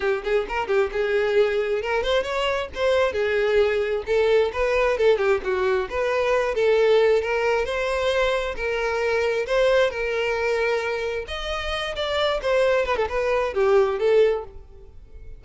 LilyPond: \new Staff \with { instrumentName = "violin" } { \time 4/4 \tempo 4 = 133 g'8 gis'8 ais'8 g'8 gis'2 | ais'8 c''8 cis''4 c''4 gis'4~ | gis'4 a'4 b'4 a'8 g'8 | fis'4 b'4. a'4. |
ais'4 c''2 ais'4~ | ais'4 c''4 ais'2~ | ais'4 dis''4. d''4 c''8~ | c''8 b'16 a'16 b'4 g'4 a'4 | }